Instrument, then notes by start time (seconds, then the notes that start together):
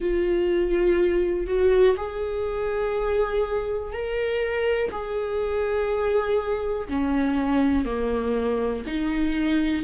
viola
0.00 F4
1.46 F#4
1.97 G#4
3.92 A#4
4.91 G#4
6.88 C#4
7.85 A#3
8.86 D#4